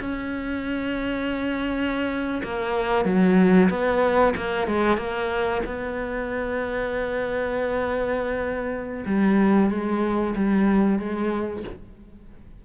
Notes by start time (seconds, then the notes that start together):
0.00 C#4
2.43 A#3
3.05 F#3
3.70 B3
4.37 A#3
4.68 G#3
4.98 A#3
5.66 B3
9.06 G3
9.70 G#3
10.36 G3
10.99 G#3